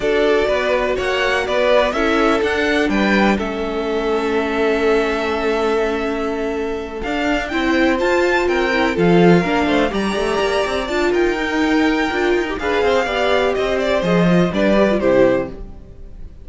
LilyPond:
<<
  \new Staff \with { instrumentName = "violin" } { \time 4/4 \tempo 4 = 124 d''2 fis''4 d''4 | e''4 fis''4 g''4 e''4~ | e''1~ | e''2~ e''8 f''4 g''8~ |
g''8 a''4 g''4 f''4.~ | f''8 ais''2 a''8 g''4~ | g''2 f''2 | dis''8 d''8 dis''4 d''4 c''4 | }
  \new Staff \with { instrumentName = "violin" } { \time 4/4 a'4 b'4 cis''4 b'4 | a'2 b'4 a'4~ | a'1~ | a'2.~ a'8 c''8~ |
c''4. ais'4 a'4 ais'8 | c''8 d''2~ d''8 ais'4~ | ais'2 b'8 c''8 d''4 | c''2 b'4 g'4 | }
  \new Staff \with { instrumentName = "viola" } { \time 4/4 fis'1 | e'4 d'2 cis'4~ | cis'1~ | cis'2~ cis'8 d'4 e'8~ |
e'8 f'4. e'8 f'4 d'8~ | d'8 g'2 f'4 dis'8~ | dis'4 f'8. g'16 gis'4 g'4~ | g'4 gis'8 f'8 d'8 g'16 f'16 e'4 | }
  \new Staff \with { instrumentName = "cello" } { \time 4/4 d'4 b4 ais4 b4 | cis'4 d'4 g4 a4~ | a1~ | a2~ a8 d'4 c'8~ |
c'8 f'4 c'4 f4 ais8 | a8 g8 a8 ais8 c'8 d'8 dis'4~ | dis'4 d'8 dis'8 d'8 c'8 b4 | c'4 f4 g4 c4 | }
>>